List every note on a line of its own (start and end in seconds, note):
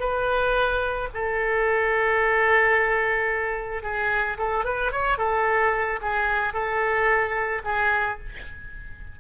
0.00 1.09 B4
1.14 3.83 A4
3.83 4.38 G#4
4.38 4.65 A4
4.65 4.92 B4
4.92 5.18 C#5
5.18 6.00 A4
6.02 6.54 G#4
6.54 7.63 A4
7.64 8.19 G#4